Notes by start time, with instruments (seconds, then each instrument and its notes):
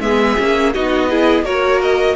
0.00 cello G#3, viola B3, violin G#4 E5
0.38 cello A#3, viola C#4
0.74 cello B3, viola D#4, violin F#4 D#5
1.09 viola E4, violin G#4
1.43 cello A#3, viola F#4, violin A#4 C#5
1.82 violin D#5